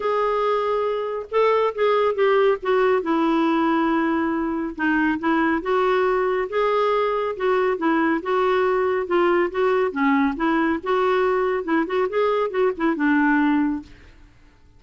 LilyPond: \new Staff \with { instrumentName = "clarinet" } { \time 4/4 \tempo 4 = 139 gis'2. a'4 | gis'4 g'4 fis'4 e'4~ | e'2. dis'4 | e'4 fis'2 gis'4~ |
gis'4 fis'4 e'4 fis'4~ | fis'4 f'4 fis'4 cis'4 | e'4 fis'2 e'8 fis'8 | gis'4 fis'8 e'8 d'2 | }